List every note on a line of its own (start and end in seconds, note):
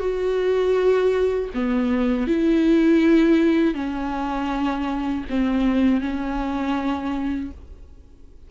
0.00 1.50 F#4
1.54 2.27 B3
2.27 3.75 E4
3.75 5.25 C#4
5.30 6.01 C4
6.01 7.51 C#4